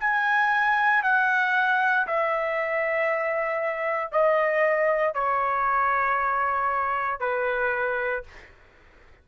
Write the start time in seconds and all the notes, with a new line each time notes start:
0.00 G#5
1.03 F#5
2.07 E5
4.12 D#5
5.14 C#5
7.20 B4